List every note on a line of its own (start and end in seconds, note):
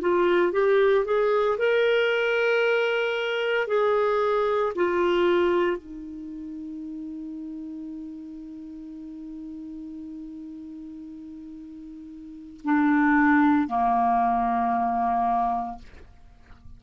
0.00 0.52 F4
0.52 1.04 G4
1.05 1.57 G#4
1.58 3.67 A#4
3.67 4.72 G#4
4.75 5.77 F4
5.77 12.61 D#4
12.64 13.67 D4
13.67 15.78 A#3